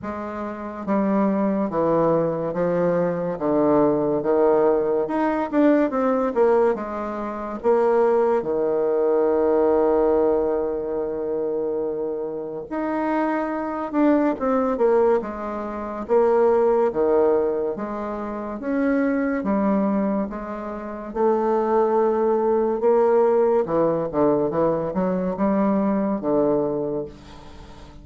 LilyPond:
\new Staff \with { instrumentName = "bassoon" } { \time 4/4 \tempo 4 = 71 gis4 g4 e4 f4 | d4 dis4 dis'8 d'8 c'8 ais8 | gis4 ais4 dis2~ | dis2. dis'4~ |
dis'8 d'8 c'8 ais8 gis4 ais4 | dis4 gis4 cis'4 g4 | gis4 a2 ais4 | e8 d8 e8 fis8 g4 d4 | }